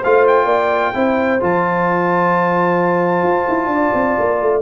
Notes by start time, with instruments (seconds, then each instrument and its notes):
0.00 tuba A3, trombone F4, horn C5, trumpet F5
0.28 trumpet G5
0.45 tuba A#3, horn D5
0.94 tuba C4, trombone E4, horn C5
1.40 tuba F3, trombone F4, trumpet A5
3.23 tuba F4
3.49 tuba E4
3.67 tuba D4
3.73 horn D5
3.94 tuba C4
4.19 tuba A#3
4.42 tuba A3